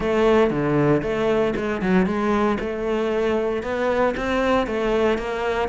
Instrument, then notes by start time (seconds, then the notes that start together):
cello
0.00 A3
0.50 D3
1.02 A3
1.55 G#3
1.81 F#3
2.06 G#3
2.60 A3
3.63 B3
4.16 C4
4.67 A3
5.18 A#3